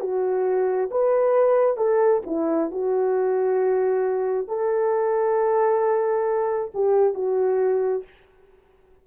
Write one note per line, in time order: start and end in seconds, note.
0.00 0.90 F#4
0.91 1.77 B4
1.77 2.21 A4
2.26 2.71 E4
2.71 4.47 F#4
4.47 6.71 A4
6.74 7.14 G4
7.14 8.04 F#4